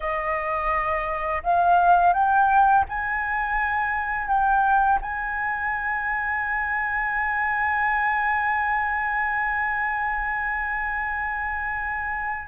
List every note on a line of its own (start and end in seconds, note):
0.00 1.42 D#5
1.43 2.13 F5
2.13 2.84 G5
2.89 4.27 G#5
4.27 4.98 G5
5.01 12.48 G#5